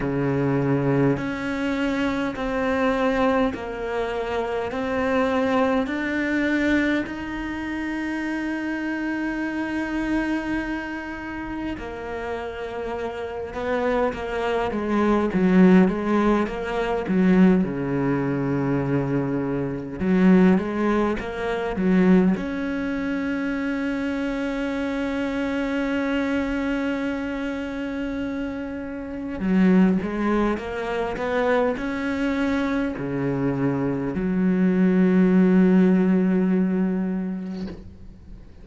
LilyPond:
\new Staff \with { instrumentName = "cello" } { \time 4/4 \tempo 4 = 51 cis4 cis'4 c'4 ais4 | c'4 d'4 dis'2~ | dis'2 ais4. b8 | ais8 gis8 fis8 gis8 ais8 fis8 cis4~ |
cis4 fis8 gis8 ais8 fis8 cis'4~ | cis'1~ | cis'4 fis8 gis8 ais8 b8 cis'4 | cis4 fis2. | }